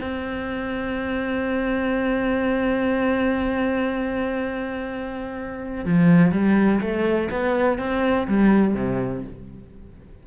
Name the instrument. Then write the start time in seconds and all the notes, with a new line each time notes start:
cello
0.00 C4
5.85 F3
6.31 G3
6.80 A3
7.30 B3
7.78 C4
8.27 G3
8.74 C3